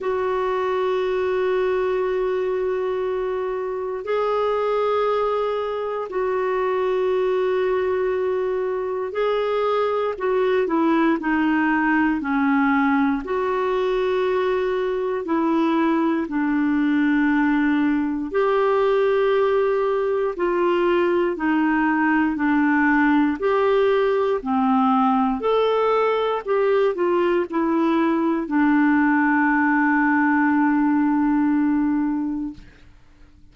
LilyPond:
\new Staff \with { instrumentName = "clarinet" } { \time 4/4 \tempo 4 = 59 fis'1 | gis'2 fis'2~ | fis'4 gis'4 fis'8 e'8 dis'4 | cis'4 fis'2 e'4 |
d'2 g'2 | f'4 dis'4 d'4 g'4 | c'4 a'4 g'8 f'8 e'4 | d'1 | }